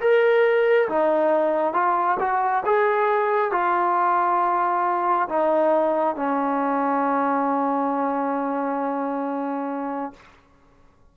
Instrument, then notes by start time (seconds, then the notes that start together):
trombone
0.00 A#4
0.88 D#4
1.73 F4
2.19 F#4
2.66 G#4
3.51 F4
5.28 D#4
6.16 C#4